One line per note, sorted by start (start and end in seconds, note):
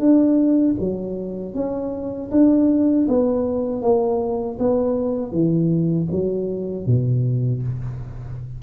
0.00 0.76 D4
0.80 1.55 F#3
1.55 2.31 C#4
2.32 3.08 D4
3.08 3.83 B3
3.83 4.58 A#3
4.59 5.32 B3
5.32 6.08 E3
6.12 6.87 F#3
6.87 7.63 B2